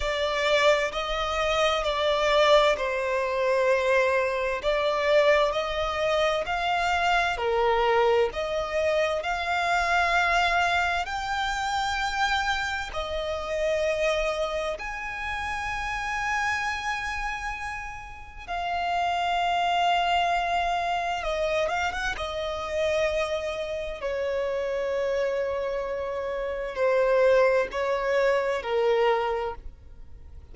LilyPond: \new Staff \with { instrumentName = "violin" } { \time 4/4 \tempo 4 = 65 d''4 dis''4 d''4 c''4~ | c''4 d''4 dis''4 f''4 | ais'4 dis''4 f''2 | g''2 dis''2 |
gis''1 | f''2. dis''8 f''16 fis''16 | dis''2 cis''2~ | cis''4 c''4 cis''4 ais'4 | }